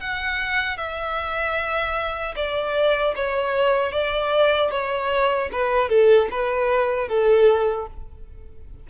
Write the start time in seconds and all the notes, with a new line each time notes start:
0.00 F#5
0.77 E5
2.35 D5
3.16 C#5
3.92 D5
4.71 C#5
5.52 B4
5.89 A4
6.31 B4
7.08 A4